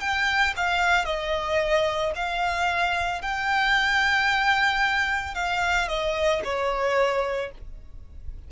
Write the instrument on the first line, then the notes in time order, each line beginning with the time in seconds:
violin
0.00 G5
0.56 F5
1.05 D#5
2.16 F5
3.22 G5
5.35 F5
5.88 D#5
6.44 C#5